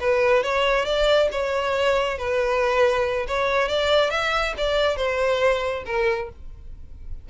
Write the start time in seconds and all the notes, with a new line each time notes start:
0.00 B4
0.43 C#5
0.85 D5
1.32 C#5
2.18 B4
3.28 C#5
3.69 D5
4.11 E5
4.58 D5
4.97 C5
5.86 A#4